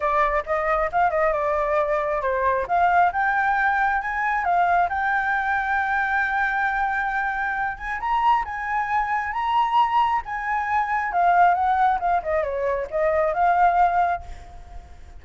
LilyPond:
\new Staff \with { instrumentName = "flute" } { \time 4/4 \tempo 4 = 135 d''4 dis''4 f''8 dis''8 d''4~ | d''4 c''4 f''4 g''4~ | g''4 gis''4 f''4 g''4~ | g''1~ |
g''4. gis''8 ais''4 gis''4~ | gis''4 ais''2 gis''4~ | gis''4 f''4 fis''4 f''8 dis''8 | cis''4 dis''4 f''2 | }